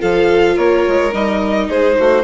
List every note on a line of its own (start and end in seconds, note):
0.00 0.58 F3
0.00 1.12 F4
0.00 0.56 A4
0.00 0.58 F5
0.56 0.86 A#3
0.56 1.68 A#4
0.56 1.14 C#5
0.88 1.13 G#3
1.13 1.69 G3
1.13 2.24 D#4
1.13 1.71 D#5
1.69 1.98 G#3
1.69 1.97 G#4
1.69 2.24 C5
2.00 2.24 A3
2.00 2.24 F#4